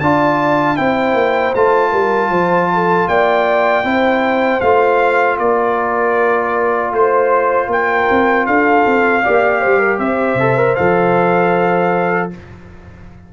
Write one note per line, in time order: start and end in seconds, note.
0.00 0.79 D4
0.00 0.77 F4
0.00 0.78 D5
0.00 0.77 A5
0.77 1.14 C4
0.77 1.54 E4
0.77 1.91 C5
0.77 1.54 G5
1.14 1.52 A#3
1.55 1.93 A3
1.55 3.84 F4
1.55 3.09 A5
1.91 2.30 G3
1.91 2.30 A#4
2.30 3.07 F3
2.30 2.69 C5
2.74 3.10 A4
3.09 3.85 A#3
3.09 3.85 D5
3.09 4.61 G5
3.84 4.62 C4
3.84 4.61 E4
3.84 5.39 C5
4.61 5.39 A3
4.61 9.24 F4
4.61 5.38 F5
5.39 6.92 A#3
5.39 6.93 A#4
5.39 6.93 D5
6.92 7.68 A3
6.92 7.71 C5
7.68 8.06 A#3
7.68 8.47 A#4
7.68 8.47 G5
8.11 8.47 C4
8.47 8.86 D4
8.47 9.23 A4
8.47 9.99 F5
8.87 9.25 C4
9.23 9.65 A#3
9.23 10.40 G4
9.23 9.61 D5
9.61 9.99 G3
9.61 9.79 C5
9.79 9.99 A#4
9.99 10.35 C4
9.99 12.31 C5
9.99 10.76 E5
10.35 10.73 C3
10.35 10.58 A4
10.58 10.77 A#4
10.76 12.34 F3
10.76 12.31 A4
10.76 12.30 F5